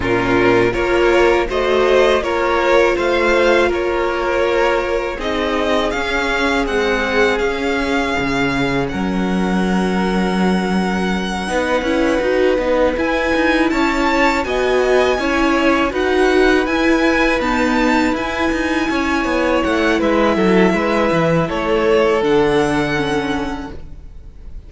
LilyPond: <<
  \new Staff \with { instrumentName = "violin" } { \time 4/4 \tempo 4 = 81 ais'4 cis''4 dis''4 cis''4 | f''4 cis''2 dis''4 | f''4 fis''4 f''2 | fis''1~ |
fis''4. gis''4 a''4 gis''8~ | gis''4. fis''4 gis''4 a''8~ | a''8 gis''2 fis''8 e''4~ | e''4 cis''4 fis''2 | }
  \new Staff \with { instrumentName = "violin" } { \time 4/4 f'4 ais'4 c''4 ais'4 | c''4 ais'2 gis'4~ | gis'1 | ais'2.~ ais'8 b'8~ |
b'2~ b'8 cis''4 dis''8~ | dis''8 cis''4 b'2~ b'8~ | b'4. cis''4. b'8 a'8 | b'4 a'2. | }
  \new Staff \with { instrumentName = "viola" } { \time 4/4 cis'4 f'4 fis'4 f'4~ | f'2. dis'4 | cis'4 gis4 cis'2~ | cis'2.~ cis'8 dis'8 |
e'8 fis'8 dis'8 e'2 fis'8~ | fis'8 e'4 fis'4 e'4 b8~ | b8 e'2.~ e'8~ | e'2 d'4 cis'4 | }
  \new Staff \with { instrumentName = "cello" } { \time 4/4 ais,4 ais4 a4 ais4 | a4 ais2 c'4 | cis'4 c'4 cis'4 cis4 | fis2.~ fis8 b8 |
cis'8 dis'8 b8 e'8 dis'8 cis'4 b8~ | b8 cis'4 dis'4 e'4 dis'8~ | dis'8 e'8 dis'8 cis'8 b8 a8 gis8 fis8 | gis8 e8 a4 d2 | }
>>